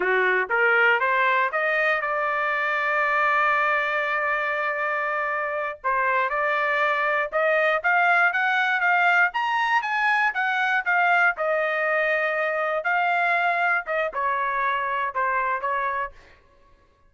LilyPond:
\new Staff \with { instrumentName = "trumpet" } { \time 4/4 \tempo 4 = 119 fis'4 ais'4 c''4 dis''4 | d''1~ | d''2.~ d''8 c''8~ | c''8 d''2 dis''4 f''8~ |
f''8 fis''4 f''4 ais''4 gis''8~ | gis''8 fis''4 f''4 dis''4.~ | dis''4. f''2 dis''8 | cis''2 c''4 cis''4 | }